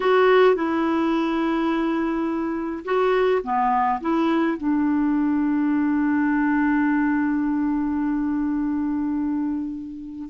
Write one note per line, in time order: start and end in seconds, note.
0.00 0.55 F#4
0.55 2.83 E4
2.84 3.41 F#4
3.43 4.00 B3
4.01 4.57 E4
4.57 10.29 D4